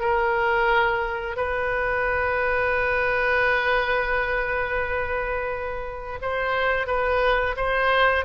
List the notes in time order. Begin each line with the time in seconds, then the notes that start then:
0.00 A#4
1.36 B4
6.22 C5
6.87 B4
7.56 C5